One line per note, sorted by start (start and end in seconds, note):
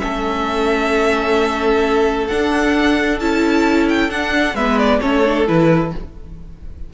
0.00 2.31 A3
0.00 2.28 C#4
0.00 4.55 A4
0.00 2.27 E5
2.28 3.21 D4
2.28 3.19 F#5
3.20 4.10 C#4
3.20 4.10 E4
3.20 3.88 A5
3.89 4.11 G5
4.10 4.55 D4
4.10 4.56 F#5
4.55 5.00 G#3
4.55 5.02 B3
4.55 5.00 B4
4.55 4.79 E5
4.79 5.01 D5
5.01 5.49 A3
5.01 5.24 C#4
5.01 5.93 A4
5.01 5.46 C#5
5.25 5.48 D4
5.48 5.94 E3
5.48 5.93 E4
5.48 5.94 B4